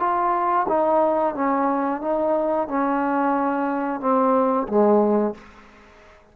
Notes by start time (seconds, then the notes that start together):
0.00 F4
0.68 D#4
1.35 C#4
2.02 D#4
2.68 C#4
4.01 C4
4.68 G#3